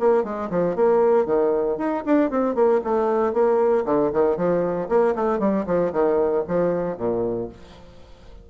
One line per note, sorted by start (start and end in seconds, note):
0.00 0.24 A#3
0.24 0.50 G#3
0.51 0.76 F3
0.76 1.26 A#3
1.26 1.78 D#3
1.78 2.04 D#4
2.06 2.31 D4
2.31 2.55 C4
2.55 2.81 A#3
2.84 3.34 A3
3.34 3.85 A#3
3.86 4.12 D3
4.13 4.37 D#3
4.37 4.89 F3
4.89 5.15 A#3
5.16 5.40 A3
5.40 5.66 G3
5.67 5.93 F3
5.93 6.45 D#3
6.48 6.98 F3
6.98 7.50 A#2